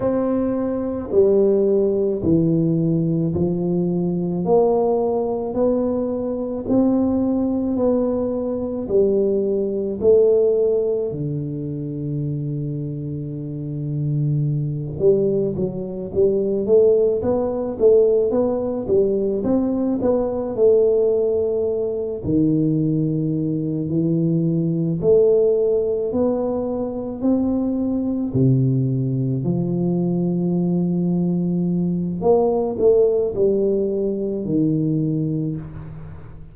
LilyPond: \new Staff \with { instrumentName = "tuba" } { \time 4/4 \tempo 4 = 54 c'4 g4 e4 f4 | ais4 b4 c'4 b4 | g4 a4 d2~ | d4. g8 fis8 g8 a8 b8 |
a8 b8 g8 c'8 b8 a4. | dis4. e4 a4 b8~ | b8 c'4 c4 f4.~ | f4 ais8 a8 g4 dis4 | }